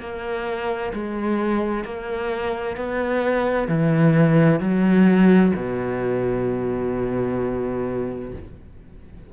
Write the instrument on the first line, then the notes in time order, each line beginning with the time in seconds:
cello
0.00 A#3
0.93 G#3
1.84 A#3
2.76 B3
3.68 E3
4.60 F#3
5.56 B2